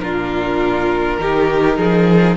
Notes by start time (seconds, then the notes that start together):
0.00 A#2 D4 F4 A#4
1.19 D#3 D#4 G4
1.78 F3 G#4